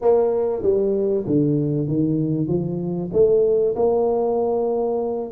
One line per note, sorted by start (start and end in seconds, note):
0.01 0.62 A#3
0.62 1.24 G3
1.26 1.88 D3
1.88 2.47 D#3
2.47 3.10 F3
3.12 3.75 A3
3.75 5.31 A#3